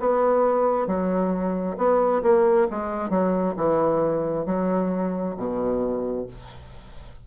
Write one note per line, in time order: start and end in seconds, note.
0.00 0.88 B3
0.88 1.77 F#3
1.77 2.22 B3
2.23 2.67 A#3
2.71 3.10 G#3
3.10 3.55 F#3
3.57 4.46 E3
4.46 5.36 F#3
5.37 6.27 B2